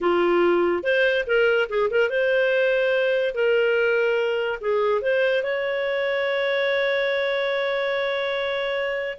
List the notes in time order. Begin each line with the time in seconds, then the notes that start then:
0.00 F4
0.83 C5
1.26 A#4
1.69 G#4
1.90 A#4
2.09 C5
3.34 A#4
4.60 G#4
5.01 C5
5.43 C#5